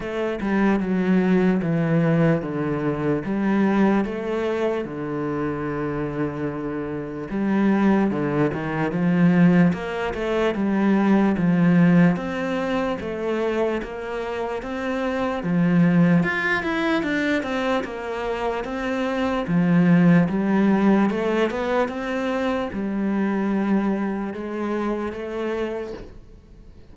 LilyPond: \new Staff \with { instrumentName = "cello" } { \time 4/4 \tempo 4 = 74 a8 g8 fis4 e4 d4 | g4 a4 d2~ | d4 g4 d8 dis8 f4 | ais8 a8 g4 f4 c'4 |
a4 ais4 c'4 f4 | f'8 e'8 d'8 c'8 ais4 c'4 | f4 g4 a8 b8 c'4 | g2 gis4 a4 | }